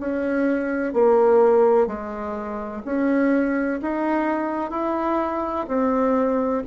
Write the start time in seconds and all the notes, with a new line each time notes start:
0.00 C#4
0.94 A#3
1.87 G#3
2.85 C#4
3.82 D#4
4.71 E4
5.68 C4